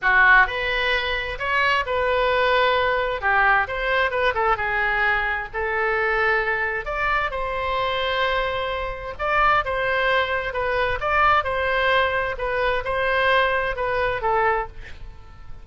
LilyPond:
\new Staff \with { instrumentName = "oboe" } { \time 4/4 \tempo 4 = 131 fis'4 b'2 cis''4 | b'2. g'4 | c''4 b'8 a'8 gis'2 | a'2. d''4 |
c''1 | d''4 c''2 b'4 | d''4 c''2 b'4 | c''2 b'4 a'4 | }